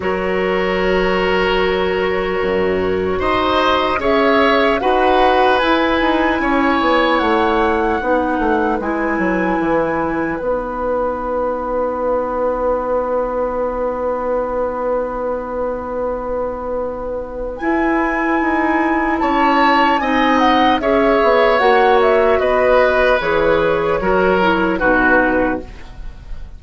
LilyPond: <<
  \new Staff \with { instrumentName = "flute" } { \time 4/4 \tempo 4 = 75 cis''1 | dis''4 e''4 fis''4 gis''4~ | gis''4 fis''2 gis''4~ | gis''4 fis''2.~ |
fis''1~ | fis''2 gis''2 | a''4 gis''8 fis''8 e''4 fis''8 e''8 | dis''4 cis''2 b'4 | }
  \new Staff \with { instrumentName = "oboe" } { \time 4/4 ais'1 | c''4 cis''4 b'2 | cis''2 b'2~ | b'1~ |
b'1~ | b'1 | cis''4 dis''4 cis''2 | b'2 ais'4 fis'4 | }
  \new Staff \with { instrumentName = "clarinet" } { \time 4/4 fis'1~ | fis'4 gis'4 fis'4 e'4~ | e'2 dis'4 e'4~ | e'4 dis'2.~ |
dis'1~ | dis'2 e'2~ | e'4 dis'4 gis'4 fis'4~ | fis'4 gis'4 fis'8 e'8 dis'4 | }
  \new Staff \with { instrumentName = "bassoon" } { \time 4/4 fis2. fis,4 | dis'4 cis'4 dis'4 e'8 dis'8 | cis'8 b8 a4 b8 a8 gis8 fis8 | e4 b2.~ |
b1~ | b2 e'4 dis'4 | cis'4 c'4 cis'8 b8 ais4 | b4 e4 fis4 b,4 | }
>>